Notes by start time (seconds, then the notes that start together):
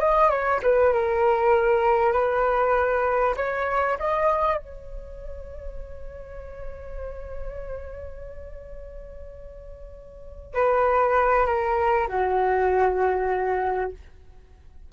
0.00 D#5
0.30 C#5
0.63 B4
0.93 A#4
2.13 B4
3.37 C#5
3.99 D#5
4.58 C#5
10.54 B4
11.46 A#4
12.08 F#4